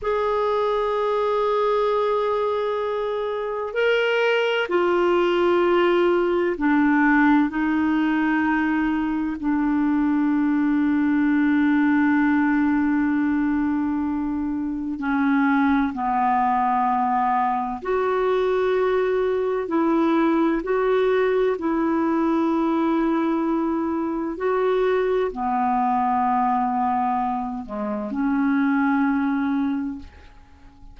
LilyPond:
\new Staff \with { instrumentName = "clarinet" } { \time 4/4 \tempo 4 = 64 gis'1 | ais'4 f'2 d'4 | dis'2 d'2~ | d'1 |
cis'4 b2 fis'4~ | fis'4 e'4 fis'4 e'4~ | e'2 fis'4 b4~ | b4. gis8 cis'2 | }